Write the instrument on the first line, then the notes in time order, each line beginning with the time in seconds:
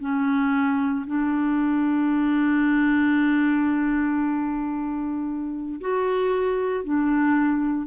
clarinet
0.00 C#4
1.07 D4
5.80 F#4
6.84 D4